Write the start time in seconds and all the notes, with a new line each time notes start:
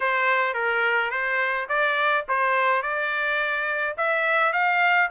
0.00 C5
0.54 A#4
1.10 C5
1.68 D5
2.28 C5
2.82 D5
3.97 E5
4.53 F5